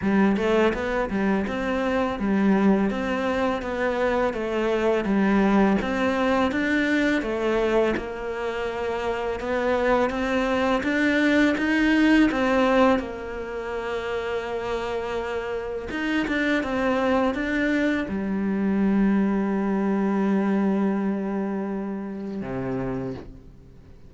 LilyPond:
\new Staff \with { instrumentName = "cello" } { \time 4/4 \tempo 4 = 83 g8 a8 b8 g8 c'4 g4 | c'4 b4 a4 g4 | c'4 d'4 a4 ais4~ | ais4 b4 c'4 d'4 |
dis'4 c'4 ais2~ | ais2 dis'8 d'8 c'4 | d'4 g2.~ | g2. c4 | }